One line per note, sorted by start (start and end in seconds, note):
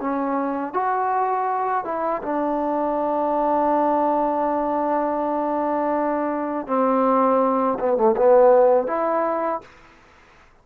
0.00 0.73 C#4
0.73 1.84 F#4
1.85 2.22 E4
2.23 6.67 D4
6.67 7.78 C4
7.79 7.97 B3
7.97 8.15 A3
8.16 8.87 B3
8.87 9.61 E4